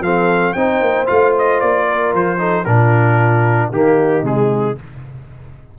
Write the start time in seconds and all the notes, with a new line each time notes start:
0.00 F3 C4 A4 F5
0.53 C4 D#4 C5 G5
0.81 A#3
1.05 A3 F4 F5
1.38 D#5
1.60 A#3 D5
1.87 A#4
2.13 F3 C5
2.38 D#4 A4
2.64 A#2 D4 F4 A#4
3.70 D#3 A#3 D#4 G4
4.22 C3 G#3 G#4